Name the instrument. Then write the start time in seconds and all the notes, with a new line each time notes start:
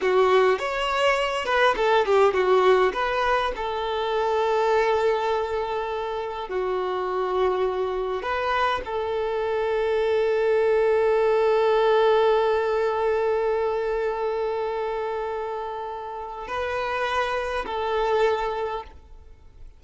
violin
0.01 F#4
0.59 C#5
1.45 B4
1.76 A4
2.05 G4
2.33 F#4
2.93 B4
3.56 A4
6.49 F#4
8.22 B4
8.85 A4
16.47 B4
17.66 A4